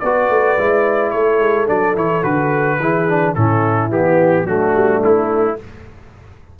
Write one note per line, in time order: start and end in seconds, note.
0.00 0.30 B3
0.00 0.58 F#4
0.00 1.14 B4
0.00 1.11 D5
0.30 0.57 A3
0.58 1.13 G#3
0.58 1.67 E4
1.11 1.39 A3
1.11 2.80 A4
1.11 1.66 C#5
1.39 1.67 G#3
1.67 1.95 F#3
1.67 1.95 D4
1.67 1.97 D5
1.95 2.23 E3
1.95 2.22 E4
1.95 2.24 C#5
2.22 2.80 D3
2.22 2.78 F#4
2.22 3.35 B4
2.80 3.35 E3
2.80 3.09 E4
2.80 3.36 G#4
3.09 3.36 D4
3.35 3.90 A2
3.35 3.91 C#4
3.35 4.45 E4
3.35 3.90 A4
3.90 4.44 E3
3.90 4.45 B3
3.90 4.47 G4
4.44 4.72 F#3
4.44 5.57 A3
4.44 5.56 D4
4.44 5.02 F#4
4.75 5.03 G3
5.04 5.59 A3
5.04 5.59 E4